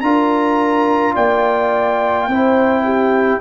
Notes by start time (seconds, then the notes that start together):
0.00 D4 F4 A#4 A#5
1.14 A#3 D5 G5
2.27 C4 E4 C5
2.83 G4